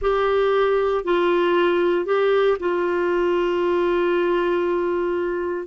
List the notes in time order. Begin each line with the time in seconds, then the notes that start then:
0.01 G4
1.04 F4
2.05 G4
2.59 F4